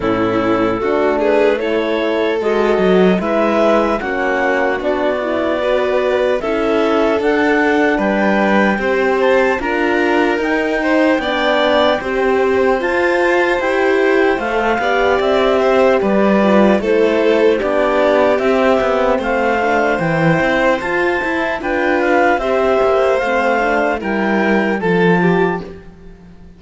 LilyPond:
<<
  \new Staff \with { instrumentName = "clarinet" } { \time 4/4 \tempo 4 = 75 a'4. b'8 cis''4 dis''4 | e''4 fis''4 d''2 | e''4 fis''4 g''4. a''8 | ais''4 g''2. |
a''4 g''4 f''4 e''4 | d''4 c''4 d''4 e''4 | f''4 g''4 a''4 g''8 f''8 | e''4 f''4 g''4 a''4 | }
  \new Staff \with { instrumentName = "violin" } { \time 4/4 e'4 fis'8 gis'8 a'2 | b'4 fis'2 b'4 | a'2 b'4 c''4 | ais'4. c''8 d''4 c''4~ |
c''2~ c''8 d''4 c''8 | b'4 a'4 g'2 | c''2. b'4 | c''2 ais'4 a'8 g'8 | }
  \new Staff \with { instrumentName = "horn" } { \time 4/4 cis'4 d'4 e'4 fis'4 | e'4 cis'4 d'8 e'8 fis'4 | e'4 d'2 g'4 | f'4 dis'4 d'4 g'4 |
f'4 g'4 a'8 g'4.~ | g'8 f'8 e'4 d'4 c'4~ | c'8 d'8 e'4 f'8 e'8 f'4 | g'4 c'8 d'8 e'4 f'4 | }
  \new Staff \with { instrumentName = "cello" } { \time 4/4 a,4 a2 gis8 fis8 | gis4 ais4 b2 | cis'4 d'4 g4 c'4 | d'4 dis'4 b4 c'4 |
f'4 e'4 a8 b8 c'4 | g4 a4 b4 c'8 b8 | a4 e8 c'8 f'8 e'8 d'4 | c'8 ais8 a4 g4 f4 | }
>>